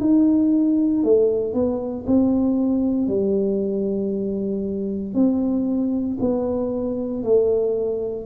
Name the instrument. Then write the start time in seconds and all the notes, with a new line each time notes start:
tuba
0.00 D#4
1.03 A3
1.53 B3
2.06 C4
3.07 G3
5.14 C4
6.20 B3
7.23 A3